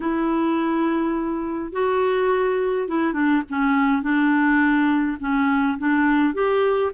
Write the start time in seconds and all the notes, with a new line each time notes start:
0.00 E4
1.72 F#4
2.88 E4
3.13 D4
3.49 C#4
4.02 D4
5.20 C#4
5.78 D4
6.34 G4